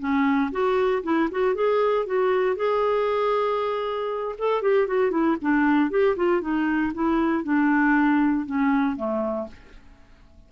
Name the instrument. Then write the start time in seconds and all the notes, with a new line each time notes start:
clarinet
0.00 C#4
0.52 F#4
1.04 E4
1.32 F#4
1.55 G#4
2.06 F#4
2.57 G#4
4.39 A4
4.62 G4
4.88 F#4
5.11 E4
5.42 D4
5.91 G4
6.17 F4
6.42 D#4
6.95 E4
7.44 D4
8.47 C#4
8.97 A3